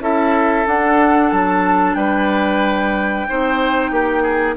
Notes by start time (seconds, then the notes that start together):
0.00 C#4 E4 A4 E5
0.67 D4 F#5
1.31 F#3 A5
1.95 G3 B4 G5
3.28 C4 D#4 C5
3.91 A#3 G4
4.23 G#4